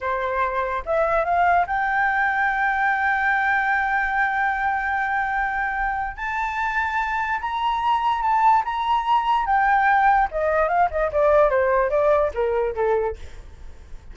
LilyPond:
\new Staff \with { instrumentName = "flute" } { \time 4/4 \tempo 4 = 146 c''2 e''4 f''4 | g''1~ | g''1~ | g''2. a''4~ |
a''2 ais''2 | a''4 ais''2 g''4~ | g''4 dis''4 f''8 dis''8 d''4 | c''4 d''4 ais'4 a'4 | }